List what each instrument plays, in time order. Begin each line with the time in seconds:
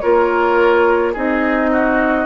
0.00 bassoon A#3, clarinet F4, oboe A#4, flute C#5
1.13 bassoon C4, clarinet D#4, oboe G#4, flute D#5
1.72 oboe F#4